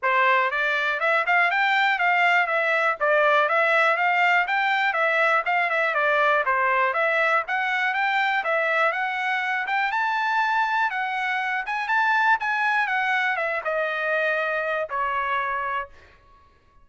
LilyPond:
\new Staff \with { instrumentName = "trumpet" } { \time 4/4 \tempo 4 = 121 c''4 d''4 e''8 f''8 g''4 | f''4 e''4 d''4 e''4 | f''4 g''4 e''4 f''8 e''8 | d''4 c''4 e''4 fis''4 |
g''4 e''4 fis''4. g''8 | a''2 fis''4. gis''8 | a''4 gis''4 fis''4 e''8 dis''8~ | dis''2 cis''2 | }